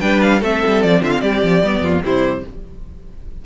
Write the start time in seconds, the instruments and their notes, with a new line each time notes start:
0.00 cello G3, viola D4, violin B4 G5
0.21 violin F5
0.40 cello A3, viola C4, violin A4 E5
0.66 cello G3
0.82 cello F3, violin D5
1.01 cello D3, violin F4 E5
1.10 violin F5
1.21 cello G3, violin G4 D5
1.43 cello F3
1.63 cello G3, viola B3
1.80 cello F2, violin F4
2.03 cello C3, viola G3, violin E4 C5